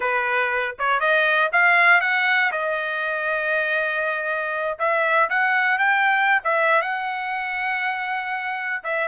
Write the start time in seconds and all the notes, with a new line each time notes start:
0.00 B4
0.78 C#5
1.00 D#5
1.52 F5
2.00 F#5
2.51 D#5
4.78 E5
5.29 F#5
5.78 G5
6.44 E5
6.81 F#5
8.83 E5